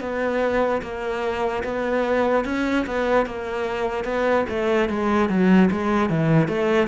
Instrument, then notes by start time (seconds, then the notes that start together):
cello
0.00 B3
0.81 A#3
1.63 B3
2.45 C#4
2.86 B3
3.26 A#3
4.04 B3
4.49 A3
4.89 G#3
5.29 F#3
5.71 G#3
6.09 E3
6.48 A3